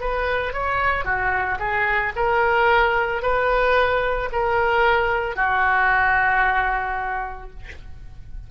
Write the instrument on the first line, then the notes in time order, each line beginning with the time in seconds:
oboe
0.00 B4
0.53 C#5
1.05 F#4
1.59 G#4
2.16 A#4
3.22 B4
4.32 A#4
5.36 F#4